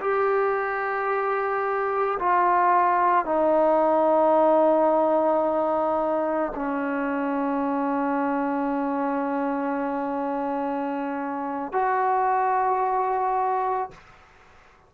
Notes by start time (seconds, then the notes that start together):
0.00 G4
2.19 F4
3.25 D#4
6.55 C#4
11.72 F#4